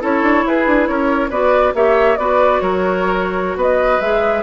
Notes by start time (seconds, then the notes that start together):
0.00 C#4 E4 A4 C#5
0.22 D4
0.45 E4 G#4 B4
0.66 D4
0.87 C#4 A#4 C#5
1.30 B3 F#4 B4 D5
1.74 A#3 G4 C#5 E5
2.17 B3 F#4 B4 D5
2.60 F#3 A#4 C#5
3.55 B3 B4 D#5
4.00 G#3 G#4 E5